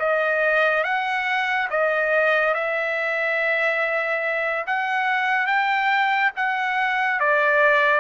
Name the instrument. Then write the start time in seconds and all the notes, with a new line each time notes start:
trumpet
0.00 D#5
0.84 F#5
1.71 D#5
2.54 E5
4.67 F#5
5.47 G5
6.36 F#5
7.20 D5